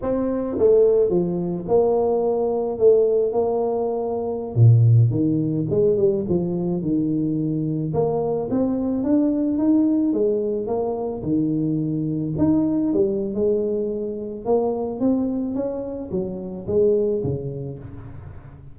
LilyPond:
\new Staff \with { instrumentName = "tuba" } { \time 4/4 \tempo 4 = 108 c'4 a4 f4 ais4~ | ais4 a4 ais2~ | ais16 ais,4 dis4 gis8 g8 f8.~ | f16 dis2 ais4 c'8.~ |
c'16 d'4 dis'4 gis4 ais8.~ | ais16 dis2 dis'4 g8. | gis2 ais4 c'4 | cis'4 fis4 gis4 cis4 | }